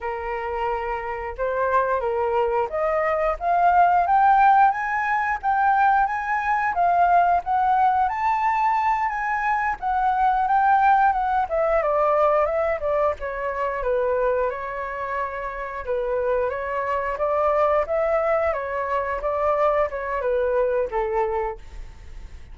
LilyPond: \new Staff \with { instrumentName = "flute" } { \time 4/4 \tempo 4 = 89 ais'2 c''4 ais'4 | dis''4 f''4 g''4 gis''4 | g''4 gis''4 f''4 fis''4 | a''4. gis''4 fis''4 g''8~ |
g''8 fis''8 e''8 d''4 e''8 d''8 cis''8~ | cis''8 b'4 cis''2 b'8~ | b'8 cis''4 d''4 e''4 cis''8~ | cis''8 d''4 cis''8 b'4 a'4 | }